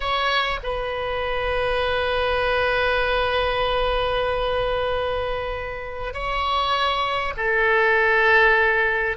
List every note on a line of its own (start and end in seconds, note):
0.00 0.59 C#5
0.63 6.13 B4
6.13 7.33 C#5
7.36 9.16 A4